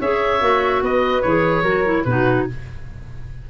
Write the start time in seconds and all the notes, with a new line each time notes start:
0.00 C#4 G#4 C#5 E5
0.41 A#3 F#4
0.82 B3 B4 D#5
1.22 E3 G#4 C#5
1.62 F#3 F#4 A#4
1.85 E4
2.04 B2 D#4 F#4 B4